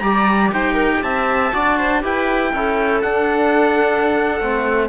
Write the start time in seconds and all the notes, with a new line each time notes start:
0.00 G3 G4 D5 A#5
0.52 D#4 C5 G5
0.74 A#4
1.03 C4 E5 A5
1.53 D4 F#4 D5
1.78 C5
2.02 E4 G4 B4 G5
2.54 C#4 E4 A4
3.02 D4 F#5
4.41 A3 C4